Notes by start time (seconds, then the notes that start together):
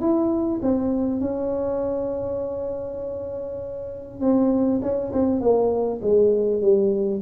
0.00 E4
0.62 C4
1.20 C#4
4.20 C4
4.81 C#4
5.12 C4
5.40 A#3
6.01 G#3
6.61 G3